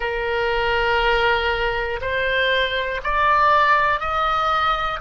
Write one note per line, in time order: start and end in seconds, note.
0.00 2.00 A#4
2.00 3.00 C5
3.03 4.00 D5
4.00 5.00 D#5